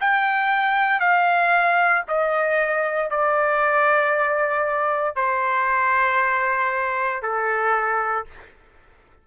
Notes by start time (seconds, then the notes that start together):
0.00 G5
1.00 F5
2.08 D#5
3.10 D5
5.15 C5
7.22 A4